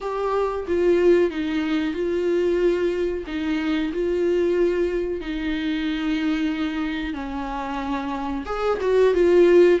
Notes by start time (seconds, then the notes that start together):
0.00 G4
0.67 F4
1.30 D#4
1.94 F4
3.26 D#4
3.92 F4
5.21 D#4
7.13 C#4
8.45 G#4
8.81 F#4
9.14 F4